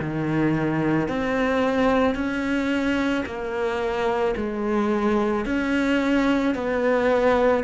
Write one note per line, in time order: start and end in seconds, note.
0.00 1.08 D#3
1.08 2.15 C4
2.15 3.24 C#4
3.26 4.35 A#3
4.36 5.45 G#3
5.45 6.55 C#4
6.55 7.64 B3